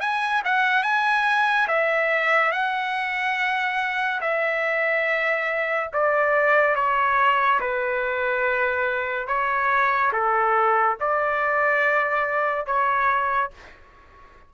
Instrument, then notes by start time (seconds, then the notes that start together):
trumpet
0.00 G#5
0.45 F#5
0.83 G#5
1.68 E5
2.52 F#5
4.21 E5
5.93 D5
6.76 C#5
7.60 B4
9.27 C#5
10.13 A4
11.01 D5
12.66 C#5